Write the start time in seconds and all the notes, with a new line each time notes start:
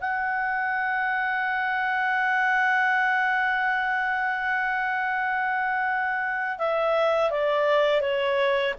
0.00 F#5
6.58 E5
7.30 D5
8.01 C#5